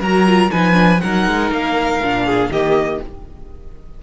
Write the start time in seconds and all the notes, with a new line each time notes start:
0.00 F#3 F#4 A#4 A#5
0.26 F4
0.51 F3 D#4 B4 G#5
0.73 D4
1.01 F#3 D#4 A#4 F#5
1.27 G#3
1.51 A#3 F5
2.02 A#2 D4
2.25 G#4
2.49 D#3 A#3 G4 D#5